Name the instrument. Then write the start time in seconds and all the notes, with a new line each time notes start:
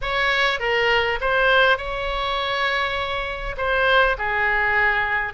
oboe
0.01 C#5
0.59 A#4
1.20 C5
1.77 C#5
3.57 C5
4.17 G#4